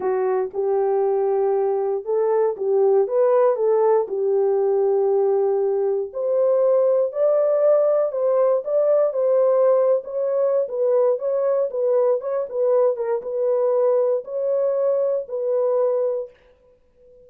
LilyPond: \new Staff \with { instrumentName = "horn" } { \time 4/4 \tempo 4 = 118 fis'4 g'2. | a'4 g'4 b'4 a'4 | g'1 | c''2 d''2 |
c''4 d''4 c''4.~ c''16 cis''16~ | cis''4 b'4 cis''4 b'4 | cis''8 b'4 ais'8 b'2 | cis''2 b'2 | }